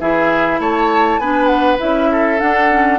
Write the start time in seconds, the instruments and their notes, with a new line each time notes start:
0.00 bassoon E3, clarinet E4, oboe G#4, flute E5
0.59 bassoon A3, oboe C#5, flute A5
1.18 bassoon B3, clarinet D4, oboe B4, flute G#5
1.47 flute F#5
1.79 bassoon C#4, clarinet E4, flute E5
2.12 oboe A4
2.39 clarinet D4, bassoon D4, flute F#5
2.70 clarinet C#4